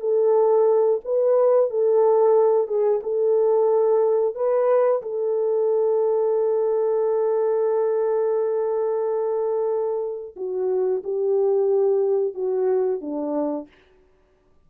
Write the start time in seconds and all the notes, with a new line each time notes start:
0.00 A4
1.04 B4
1.70 A4
2.67 G#4
3.03 A4
4.35 B4
5.02 A4
10.36 F#4
11.04 G4
12.34 F#4
13.01 D4